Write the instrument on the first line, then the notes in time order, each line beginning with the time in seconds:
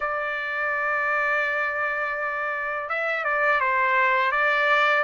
trumpet
0.00 D5
2.89 E5
3.24 D5
3.60 C5
4.31 D5